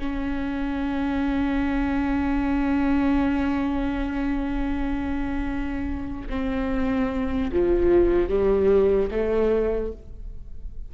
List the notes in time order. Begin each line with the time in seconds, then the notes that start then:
0.00 C#4
6.30 C4
7.52 F3
8.29 G3
9.11 A3